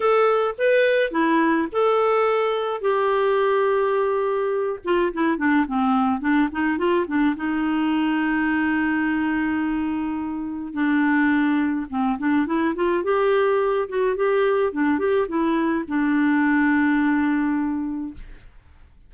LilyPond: \new Staff \with { instrumentName = "clarinet" } { \time 4/4 \tempo 4 = 106 a'4 b'4 e'4 a'4~ | a'4 g'2.~ | g'8 f'8 e'8 d'8 c'4 d'8 dis'8 | f'8 d'8 dis'2.~ |
dis'2. d'4~ | d'4 c'8 d'8 e'8 f'8 g'4~ | g'8 fis'8 g'4 d'8 g'8 e'4 | d'1 | }